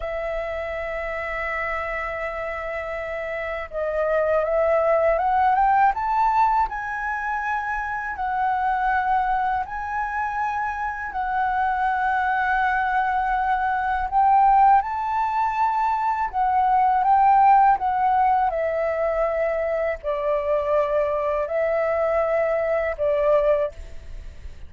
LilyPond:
\new Staff \with { instrumentName = "flute" } { \time 4/4 \tempo 4 = 81 e''1~ | e''4 dis''4 e''4 fis''8 g''8 | a''4 gis''2 fis''4~ | fis''4 gis''2 fis''4~ |
fis''2. g''4 | a''2 fis''4 g''4 | fis''4 e''2 d''4~ | d''4 e''2 d''4 | }